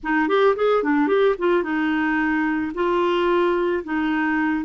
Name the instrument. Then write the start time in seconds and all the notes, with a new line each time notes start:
clarinet
0.03 D#4
0.28 G4
0.56 G#4
0.83 D4
1.07 G4
1.38 F4
1.63 D#4
2.74 F4
3.84 D#4